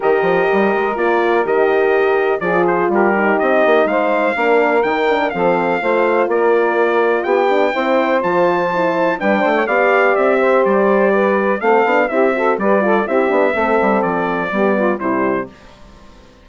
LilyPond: <<
  \new Staff \with { instrumentName = "trumpet" } { \time 4/4 \tempo 4 = 124 dis''2 d''4 dis''4~ | dis''4 d''8 c''8 ais'4 dis''4 | f''2 g''4 f''4~ | f''4 d''2 g''4~ |
g''4 a''2 g''4 | f''4 e''4 d''2 | f''4 e''4 d''4 e''4~ | e''4 d''2 c''4 | }
  \new Staff \with { instrumentName = "saxophone" } { \time 4/4 ais'1~ | ais'4 gis'4 g'2 | c''4 ais'2 a'4 | c''4 ais'2 g'4 |
c''2. b'8 c''16 cis''16 | d''4. c''4. b'4 | a'4 g'8 a'8 b'8 a'8 g'4 | a'2 g'8 f'8 e'4 | }
  \new Staff \with { instrumentName = "horn" } { \time 4/4 g'2 f'4 g'4~ | g'4 f'4. dis'4.~ | dis'4 d'4 dis'8 d'8 c'4 | f'2.~ f'8 d'8 |
e'4 f'4 e'4 d'4 | g'1 | c'8 d'8 e'8 fis'8 g'8 f'8 e'8 d'8 | c'2 b4 g4 | }
  \new Staff \with { instrumentName = "bassoon" } { \time 4/4 dis8 f8 g8 gis8 ais4 dis4~ | dis4 f4 g4 c'8 ais8 | gis4 ais4 dis4 f4 | a4 ais2 b4 |
c'4 f2 g8 a8 | b4 c'4 g2 | a8 b8 c'4 g4 c'8 b8 | a8 g8 f4 g4 c4 | }
>>